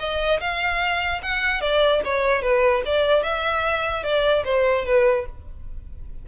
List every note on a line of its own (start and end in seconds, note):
0.00 0.41 D#5
0.41 1.22 F5
1.23 1.61 F#5
1.61 2.02 D5
2.05 2.43 C#5
2.43 2.83 B4
2.86 3.23 D5
3.23 4.04 E5
4.04 4.44 D5
4.45 4.86 C5
4.86 5.26 B4